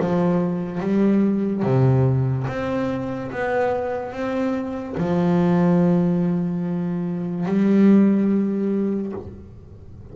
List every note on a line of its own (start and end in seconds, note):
0.00 0.81 F3
0.81 1.63 G3
1.63 2.46 C3
2.48 3.31 C4
3.32 4.12 B3
4.12 4.96 C4
4.98 7.46 F3
7.46 9.13 G3